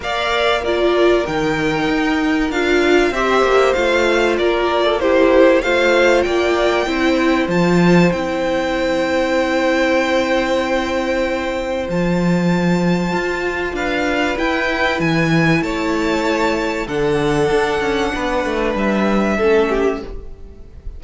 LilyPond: <<
  \new Staff \with { instrumentName = "violin" } { \time 4/4 \tempo 4 = 96 f''4 d''4 g''2 | f''4 e''4 f''4 d''4 | c''4 f''4 g''2 | a''4 g''2.~ |
g''2. a''4~ | a''2 f''4 g''4 | gis''4 a''2 fis''4~ | fis''2 e''2 | }
  \new Staff \with { instrumentName = "violin" } { \time 4/4 d''4 ais'2.~ | ais'4 c''2 ais'8. a'16 | g'4 c''4 d''4 c''4~ | c''1~ |
c''1~ | c''2 b'2~ | b'4 cis''2 a'4~ | a'4 b'2 a'8 g'8 | }
  \new Staff \with { instrumentName = "viola" } { \time 4/4 ais'4 f'4 dis'2 | f'4 g'4 f'2 | e'4 f'2 e'4 | f'4 e'2.~ |
e'2. f'4~ | f'2. e'4~ | e'2. d'4~ | d'2. cis'4 | }
  \new Staff \with { instrumentName = "cello" } { \time 4/4 ais2 dis4 dis'4 | d'4 c'8 ais8 a4 ais4~ | ais4 a4 ais4 c'4 | f4 c'2.~ |
c'2. f4~ | f4 f'4 d'4 e'4 | e4 a2 d4 | d'8 cis'8 b8 a8 g4 a4 | }
>>